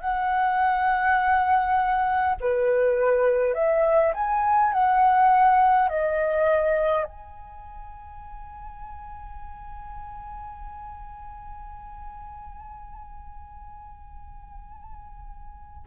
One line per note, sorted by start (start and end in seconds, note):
0.00 2.35 F#5
2.40 3.54 B4
3.54 4.13 E5
4.14 4.73 G#5
4.73 5.89 F#5
5.89 7.04 D#5
7.04 15.86 G#5